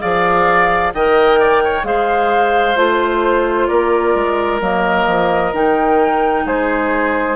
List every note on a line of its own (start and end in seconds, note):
0.00 0.94 F3
0.00 0.92 G#4
0.00 0.94 D5
0.00 0.93 F5
0.94 1.84 D#3
0.94 1.85 A#4
0.94 1.40 D#5
0.94 1.85 G5
1.40 1.63 D5
1.64 1.87 C#5
1.84 2.76 G#3
1.84 2.76 G#4
1.84 3.69 C5
1.84 2.77 F5
2.76 3.69 A3
2.76 4.61 F4
2.76 3.67 C5
3.67 4.15 A#3
3.67 6.46 A#4
3.67 4.60 D5
4.15 4.61 G#3
4.61 5.07 F#3
4.61 5.53 A#3
4.61 5.55 D#5
5.07 5.53 F3
5.53 6.45 D#3
5.53 7.37 D#4
5.53 6.47 G5
6.46 7.37 G#3
6.46 7.37 G#4
6.46 7.37 C5